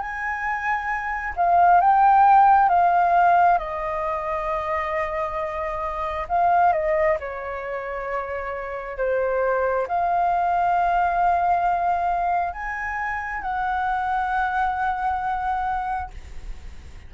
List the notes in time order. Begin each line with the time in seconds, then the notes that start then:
0.00 G#5
1.37 F5
1.81 G5
2.69 F5
3.59 D#5
6.29 F5
6.73 D#5
7.20 C#5
8.98 C5
9.88 F5
12.53 G#5
13.42 F#5